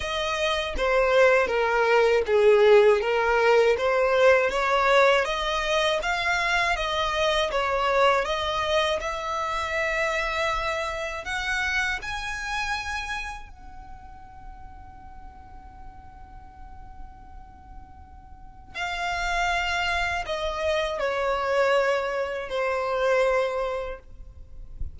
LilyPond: \new Staff \with { instrumentName = "violin" } { \time 4/4 \tempo 4 = 80 dis''4 c''4 ais'4 gis'4 | ais'4 c''4 cis''4 dis''4 | f''4 dis''4 cis''4 dis''4 | e''2. fis''4 |
gis''2 fis''2~ | fis''1~ | fis''4 f''2 dis''4 | cis''2 c''2 | }